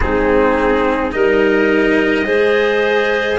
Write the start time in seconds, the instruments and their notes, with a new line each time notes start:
0.00 tuba G#3, cello C4, clarinet D#4, trumpet G#4
1.11 tuba G3, cello D#4, clarinet A#4, trumpet D#5
2.25 tuba G#3, cello G#4, clarinet C5